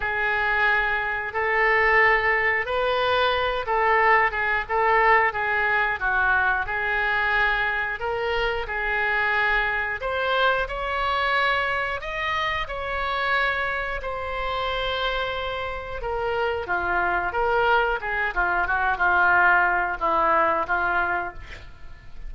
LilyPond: \new Staff \with { instrumentName = "oboe" } { \time 4/4 \tempo 4 = 90 gis'2 a'2 | b'4. a'4 gis'8 a'4 | gis'4 fis'4 gis'2 | ais'4 gis'2 c''4 |
cis''2 dis''4 cis''4~ | cis''4 c''2. | ais'4 f'4 ais'4 gis'8 f'8 | fis'8 f'4. e'4 f'4 | }